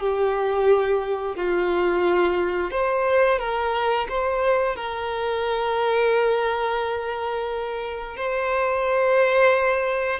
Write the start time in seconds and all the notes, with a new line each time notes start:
0.00 G4
1.36 F4
2.71 C5
3.39 A#4
4.09 C5
4.76 A#4
8.17 C5